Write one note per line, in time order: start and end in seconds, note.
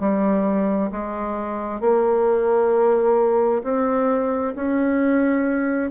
0.00 0.91 G3
0.92 1.81 G#3
1.81 3.63 A#3
3.64 4.55 C4
4.56 5.91 C#4